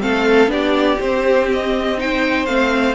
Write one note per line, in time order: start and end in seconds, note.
0.00 0.48 A3
0.00 0.48 C4
0.00 0.51 A4
0.00 0.51 F5
0.48 0.97 B3
0.48 0.97 D4
0.48 1.99 G4
0.48 1.00 D5
1.00 2.47 C4
1.00 1.98 C4
1.00 1.49 C5
1.53 2.00 D#5
1.98 2.47 D#4
1.98 2.95 C5
1.98 2.46 G5
2.46 2.95 A3
2.46 2.95 C4
2.46 2.95 F5